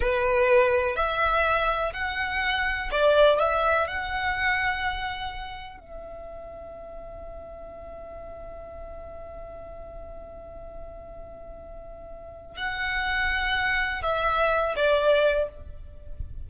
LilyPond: \new Staff \with { instrumentName = "violin" } { \time 4/4 \tempo 4 = 124 b'2 e''2 | fis''2 d''4 e''4 | fis''1 | e''1~ |
e''1~ | e''1~ | e''2 fis''2~ | fis''4 e''4. d''4. | }